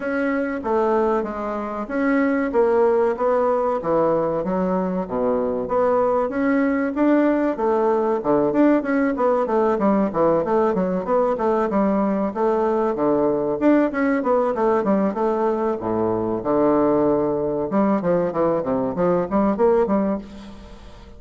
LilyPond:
\new Staff \with { instrumentName = "bassoon" } { \time 4/4 \tempo 4 = 95 cis'4 a4 gis4 cis'4 | ais4 b4 e4 fis4 | b,4 b4 cis'4 d'4 | a4 d8 d'8 cis'8 b8 a8 g8 |
e8 a8 fis8 b8 a8 g4 a8~ | a8 d4 d'8 cis'8 b8 a8 g8 | a4 a,4 d2 | g8 f8 e8 c8 f8 g8 ais8 g8 | }